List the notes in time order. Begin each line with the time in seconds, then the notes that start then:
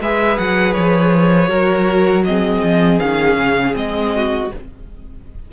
0.00 G#3 G#4 B4 E5
0.38 F#3 F#5
0.73 F3 C#5
1.48 F#3 F#4 A#4
2.24 C4 G#4 D#5
2.62 F3
2.99 D#3 C#4 F5
3.37 C#3
3.72 G#3 C4 D#5
4.15 F#4